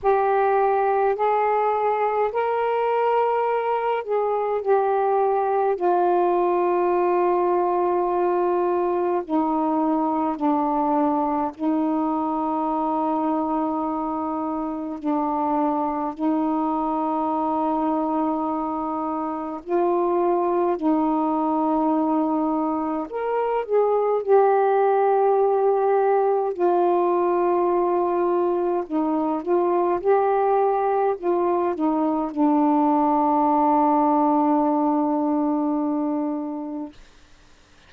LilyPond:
\new Staff \with { instrumentName = "saxophone" } { \time 4/4 \tempo 4 = 52 g'4 gis'4 ais'4. gis'8 | g'4 f'2. | dis'4 d'4 dis'2~ | dis'4 d'4 dis'2~ |
dis'4 f'4 dis'2 | ais'8 gis'8 g'2 f'4~ | f'4 dis'8 f'8 g'4 f'8 dis'8 | d'1 | }